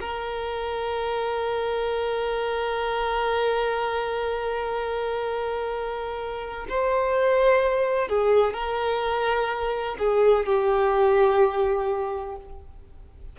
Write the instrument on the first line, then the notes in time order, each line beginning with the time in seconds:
violin
0.00 A#4
6.69 C5
8.08 G#4
8.53 A#4
9.98 G#4
10.45 G4